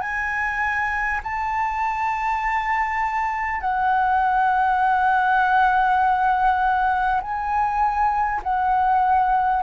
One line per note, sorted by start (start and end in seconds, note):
0.00 1.20 G#5
1.23 3.61 A5
3.61 7.21 F#5
7.21 8.41 G#5
8.43 9.63 F#5